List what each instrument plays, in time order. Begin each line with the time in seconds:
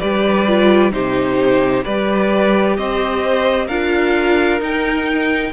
0.00 cello G3, viola G4, violin B4 D5
0.48 viola F4
0.92 cello C3, viola D#4, violin G4 C5
1.85 cello G3, viola G4, violin B4 D5
2.77 cello C4, violin C5 D#5
3.67 cello D4, viola F4, violin A#4 F5
4.60 viola D#4, cello D#4, violin G5